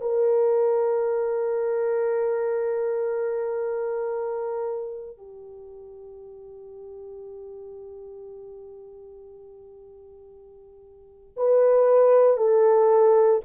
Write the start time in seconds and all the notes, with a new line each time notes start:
0.00 A#4
5.17 G4
11.37 B4
12.37 A4